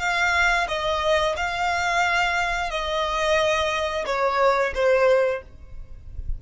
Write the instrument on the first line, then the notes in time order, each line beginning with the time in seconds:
violin
0.00 F5
0.68 D#5
1.37 F5
2.71 D#5
4.06 C#5
4.75 C5